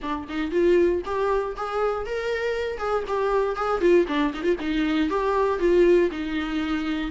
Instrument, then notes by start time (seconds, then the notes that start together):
viola
0.02 D4
0.28 D#4
0.51 F4
1.05 G4
1.56 G#4
2.05 A#4
2.78 G#4
3.07 G4
3.55 G#4
3.80 F4
4.07 D4
4.33 D#4
4.43 F4
4.60 D#4
5.09 G4
5.59 F4
6.11 D#4